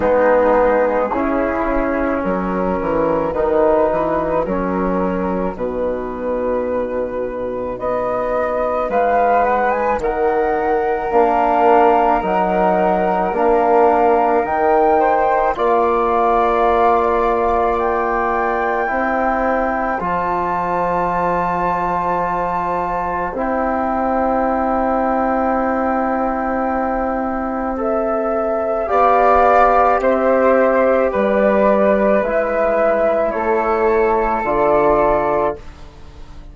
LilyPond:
<<
  \new Staff \with { instrumentName = "flute" } { \time 4/4 \tempo 4 = 54 gis'2 ais'4 b'4 | ais'4 b'2 dis''4 | f''8 fis''16 gis''16 fis''4 f''4 fis''4 | f''4 g''4 f''2 |
g''2 a''2~ | a''4 g''2.~ | g''4 e''4 f''4 e''4 | d''4 e''4 cis''4 d''4 | }
  \new Staff \with { instrumentName = "flute" } { \time 4/4 dis'4 e'4 fis'2~ | fis'1 | b'4 ais'2.~ | ais'4. c''8 d''2~ |
d''4 c''2.~ | c''1~ | c''2 d''4 c''4 | b'2 a'2 | }
  \new Staff \with { instrumentName = "trombone" } { \time 4/4 b4 cis'2 dis'4 | cis'4 dis'2.~ | dis'2 d'4 dis'4 | d'4 dis'4 f'2~ |
f'4 e'4 f'2~ | f'4 e'2.~ | e'4 a'4 g'2~ | g'4 e'2 f'4 | }
  \new Staff \with { instrumentName = "bassoon" } { \time 4/4 gis4 cis4 fis8 e8 dis8 e8 | fis4 b,2 b4 | gis4 dis4 ais4 fis4 | ais4 dis4 ais2~ |
ais4 c'4 f2~ | f4 c'2.~ | c'2 b4 c'4 | g4 gis4 a4 d4 | }
>>